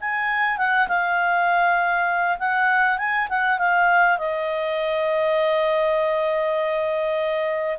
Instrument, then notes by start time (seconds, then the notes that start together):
clarinet
0.00 G#5
0.57 F#5
0.88 F5
2.38 F#5
2.98 G#5
3.29 F#5
3.58 F5
4.18 D#5